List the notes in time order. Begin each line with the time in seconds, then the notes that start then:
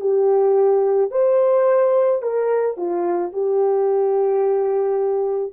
0.00 G4
1.11 C5
2.22 A#4
2.77 F4
3.32 G4